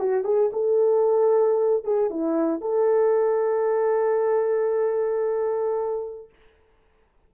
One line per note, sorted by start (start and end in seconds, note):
0.00 0.25 F#4
0.25 0.51 G#4
0.53 1.85 A4
1.85 2.11 G#4
2.11 2.61 E4
2.61 6.30 A4